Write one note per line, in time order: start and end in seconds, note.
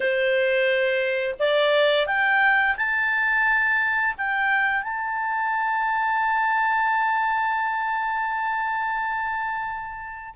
0.00 1.34 C5
1.39 2.07 D5
2.07 2.76 G5
2.76 4.14 A5
4.17 4.82 G5
4.82 10.34 A5